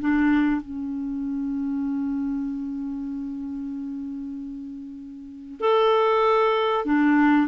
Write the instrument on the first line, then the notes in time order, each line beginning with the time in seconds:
clarinet
0.00 D4
0.61 C#4
5.61 A4
6.86 D4